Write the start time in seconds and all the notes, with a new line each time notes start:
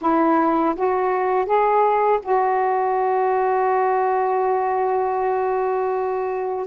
0.01 E4
0.75 F#4
1.45 G#4
2.22 F#4